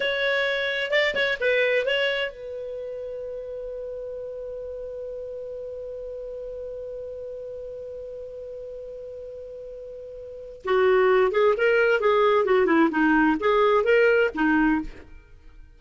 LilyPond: \new Staff \with { instrumentName = "clarinet" } { \time 4/4 \tempo 4 = 130 cis''2 d''8 cis''8 b'4 | cis''4 b'2.~ | b'1~ | b'1~ |
b'1~ | b'2. fis'4~ | fis'8 gis'8 ais'4 gis'4 fis'8 e'8 | dis'4 gis'4 ais'4 dis'4 | }